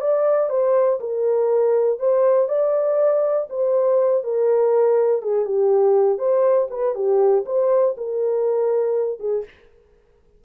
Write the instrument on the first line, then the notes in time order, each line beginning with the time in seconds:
horn
0.00 D5
0.49 C5
1.00 A#4
1.99 C5
2.48 D5
3.49 C5
4.23 A#4
5.22 G#4
5.45 G4
6.18 C5
6.70 B4
6.95 G4
7.45 C5
7.97 A#4
9.19 G#4